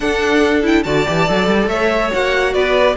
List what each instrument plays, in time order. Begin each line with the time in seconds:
0.00 viola D4, cello D4, violin A4 F#5
0.62 viola E4, violin G5
0.83 cello D3, viola F#4, violin D5 A5
1.06 cello E3, viola G4
1.27 cello F#3, viola A4
1.46 cello G3
1.67 cello A3, violin C#5 E5
2.11 cello A#3, viola F#4, violin F#5
2.53 cello B3, violin B4 D5